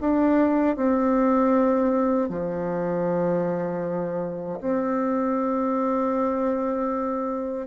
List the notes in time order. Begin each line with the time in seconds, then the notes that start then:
0.00 D4
0.76 C4
2.29 F3
4.60 C4